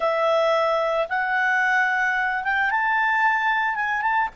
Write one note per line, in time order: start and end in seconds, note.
0.00 1.07 E5
1.09 2.43 F#5
2.43 2.70 G5
2.70 3.75 A5
3.75 4.01 G#5
4.01 4.28 A5